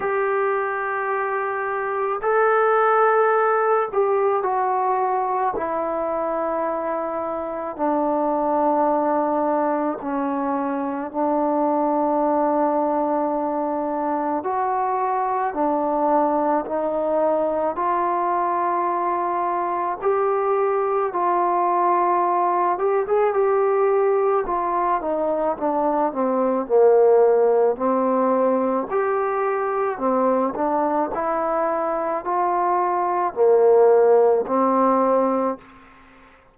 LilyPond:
\new Staff \with { instrumentName = "trombone" } { \time 4/4 \tempo 4 = 54 g'2 a'4. g'8 | fis'4 e'2 d'4~ | d'4 cis'4 d'2~ | d'4 fis'4 d'4 dis'4 |
f'2 g'4 f'4~ | f'8 g'16 gis'16 g'4 f'8 dis'8 d'8 c'8 | ais4 c'4 g'4 c'8 d'8 | e'4 f'4 ais4 c'4 | }